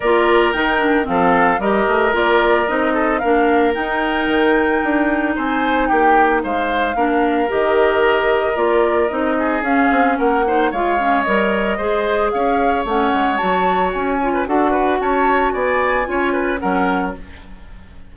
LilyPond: <<
  \new Staff \with { instrumentName = "flute" } { \time 4/4 \tempo 4 = 112 d''4 g''4 f''4 dis''4 | d''4 dis''4 f''4 g''4~ | g''2 gis''4 g''4 | f''2 dis''2 |
d''4 dis''4 f''4 fis''4 | f''4 dis''2 f''4 | fis''4 a''4 gis''4 fis''4 | a''4 gis''2 fis''4 | }
  \new Staff \with { instrumentName = "oboe" } { \time 4/4 ais'2 a'4 ais'4~ | ais'4. a'8 ais'2~ | ais'2 c''4 g'4 | c''4 ais'2.~ |
ais'4. gis'4. ais'8 c''8 | cis''2 c''4 cis''4~ | cis''2~ cis''8. b'16 a'8 b'8 | cis''4 d''4 cis''8 b'8 ais'4 | }
  \new Staff \with { instrumentName = "clarinet" } { \time 4/4 f'4 dis'8 d'8 c'4 g'4 | f'4 dis'4 d'4 dis'4~ | dis'1~ | dis'4 d'4 g'2 |
f'4 dis'4 cis'4. dis'8 | f'8 cis'8 ais'4 gis'2 | cis'4 fis'4. f'8 fis'4~ | fis'2 f'4 cis'4 | }
  \new Staff \with { instrumentName = "bassoon" } { \time 4/4 ais4 dis4 f4 g8 a8 | ais4 c'4 ais4 dis'4 | dis4 d'4 c'4 ais4 | gis4 ais4 dis2 |
ais4 c'4 cis'8 c'8 ais4 | gis4 g4 gis4 cis'4 | a8 gis8 fis4 cis'4 d'4 | cis'4 b4 cis'4 fis4 | }
>>